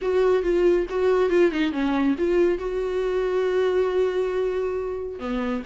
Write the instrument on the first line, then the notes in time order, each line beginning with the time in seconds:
viola
0.01 F#4
0.42 F4
0.89 F#4
1.29 F4
1.51 D#4
1.72 C#4
2.18 F4
2.58 F#4
5.19 B3